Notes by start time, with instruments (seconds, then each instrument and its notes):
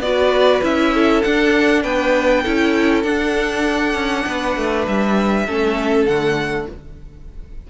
0.00 cello B3, viola F#4, violin B4 D5
0.62 cello C#4, viola E4, violin E5
0.94 violin A4
1.22 cello D4, viola D4, violin F#5
1.83 cello B3, violin B4 G5
2.42 cello C#4, viola E4, violin A4
3.03 cello D4, viola D4, violin F#5
3.95 cello C#4
4.25 cello B3, violin B4
4.57 cello A3
4.87 cello G3, violin E5
5.46 cello A3, viola C#4, violin A4
6.06 cello D3, viola A3, violin F#5